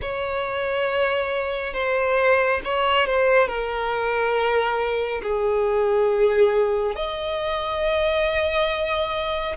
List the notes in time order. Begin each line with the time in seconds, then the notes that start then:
0.01 C#5
1.74 C5
2.64 C#5
3.06 C5
3.47 A#4
5.22 G#4
6.95 D#5